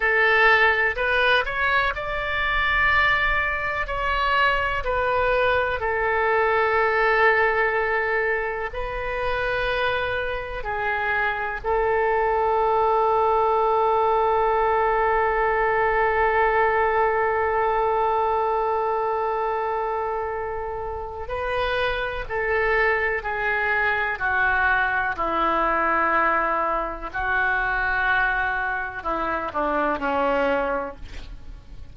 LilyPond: \new Staff \with { instrumentName = "oboe" } { \time 4/4 \tempo 4 = 62 a'4 b'8 cis''8 d''2 | cis''4 b'4 a'2~ | a'4 b'2 gis'4 | a'1~ |
a'1~ | a'2 b'4 a'4 | gis'4 fis'4 e'2 | fis'2 e'8 d'8 cis'4 | }